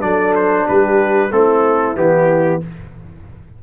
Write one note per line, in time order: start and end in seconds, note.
0.00 0.67 F#3
0.00 1.29 D4
0.00 0.65 A4
0.00 0.33 D5
0.35 0.67 C5
0.65 1.31 G3
0.65 1.30 G4
0.65 1.32 B4
1.31 1.95 A3
1.31 1.96 C4
1.31 2.63 E4
1.31 1.96 A4
1.96 2.61 E3
1.96 2.60 B3
1.96 2.61 G4